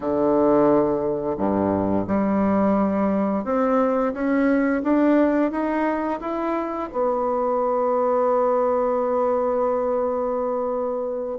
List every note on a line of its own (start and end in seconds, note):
0.00 1.36 D3
1.37 2.06 G2
2.07 3.44 G3
3.44 4.13 C4
4.13 4.82 C#4
4.83 5.51 D4
5.51 6.20 D#4
6.20 6.89 E4
6.92 11.38 B3